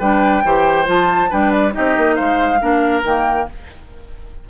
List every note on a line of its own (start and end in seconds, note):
0.00 0.44 G3
0.00 0.44 D4
0.00 0.43 B4
0.00 0.87 G5
0.44 0.88 E3
0.44 0.86 G4
0.44 1.30 C5
0.86 1.31 F3
0.86 1.29 F4
0.86 1.33 A5
1.30 1.76 G3
1.30 1.72 D4
1.30 1.74 B4
1.30 1.52 G5
1.52 1.74 D5
1.72 2.59 D#4
1.72 2.16 G4
1.72 2.15 D#5
1.79 1.97 C4
1.97 2.19 A#3
2.15 2.62 G#3
2.15 2.59 C5
2.15 3.02 F5
2.60 3.04 A#3
2.60 3.03 D4
2.60 3.49 A#4
3.04 3.48 D#3
3.04 3.50 A#3
3.04 3.49 G5